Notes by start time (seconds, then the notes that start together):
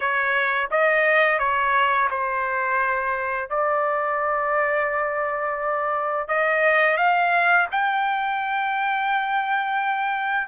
0.00 C#5
0.70 D#5
1.39 C#5
2.10 C5
3.49 D5
6.28 D#5
6.97 F5
7.71 G5